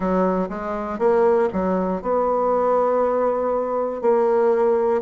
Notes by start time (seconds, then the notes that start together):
0.00 F#3
0.49 G#3
0.98 A#3
1.53 F#3
2.01 B3
4.01 A#3